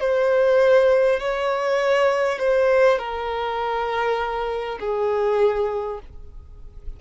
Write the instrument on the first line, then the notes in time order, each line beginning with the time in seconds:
violin
0.00 C5
1.20 C#5
2.39 C5
2.98 A#4
4.80 G#4